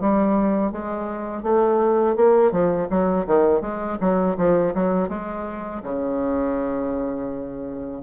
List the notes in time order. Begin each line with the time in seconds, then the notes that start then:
0.00 G3
0.72 G#3
1.43 A3
2.16 A#3
2.51 F3
2.90 F#3
3.27 D#3
3.61 G#3
4.00 F#3
4.37 F3
4.74 F#3
5.09 G#3
5.83 C#3